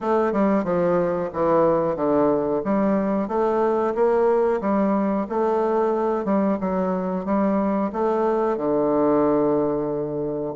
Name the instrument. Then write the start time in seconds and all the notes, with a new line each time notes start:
bassoon
0.00 A3
0.32 G3
0.64 F3
1.33 E3
1.96 D3
2.64 G3
3.28 A3
3.94 A#3
4.61 G3
5.29 A3
6.25 G3
6.60 F#3
7.25 G3
7.92 A3
8.57 D3